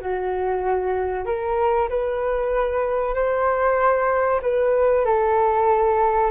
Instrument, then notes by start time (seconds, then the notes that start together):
flute
0.00 F#4
1.25 A#4
1.89 B4
3.14 C5
4.42 B4
5.05 A4